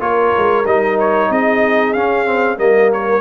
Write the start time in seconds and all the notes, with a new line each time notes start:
0.00 A#3 F4 A#4 C#5
0.37 G#3
0.66 G3 D#4 D#5
1.00 C#5
1.30 C4 G#4 D#5
1.94 C#4 F5
2.26 C4
2.57 G3 A#3 A#4 D#5
2.93 C#5